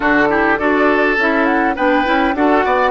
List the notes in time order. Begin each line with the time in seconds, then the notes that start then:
0.00 D3 D4 F#4 A4
0.28 E4 G4
0.57 D4 F#4 A4 D5
1.17 C#4 E4 E5
1.45 F#5
1.75 B3 D4 B4 G5
2.04 C#4 E4
2.34 D4 F#4 A4 F#5
2.65 B3 D5